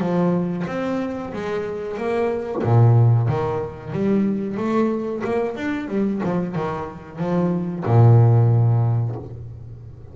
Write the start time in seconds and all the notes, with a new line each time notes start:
0.00 F3
0.68 C4
1.33 G#3
1.97 A#3
2.64 A#2
3.28 D#3
3.93 G3
4.57 A3
5.24 A#3
5.56 D4
5.89 G3
6.24 F3
6.55 D#3
7.19 F3
7.85 A#2